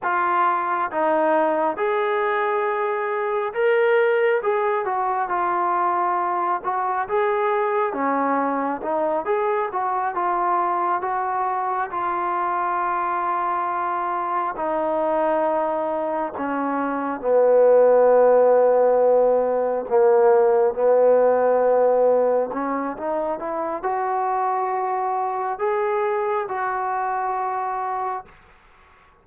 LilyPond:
\new Staff \with { instrumentName = "trombone" } { \time 4/4 \tempo 4 = 68 f'4 dis'4 gis'2 | ais'4 gis'8 fis'8 f'4. fis'8 | gis'4 cis'4 dis'8 gis'8 fis'8 f'8~ | f'8 fis'4 f'2~ f'8~ |
f'8 dis'2 cis'4 b8~ | b2~ b8 ais4 b8~ | b4. cis'8 dis'8 e'8 fis'4~ | fis'4 gis'4 fis'2 | }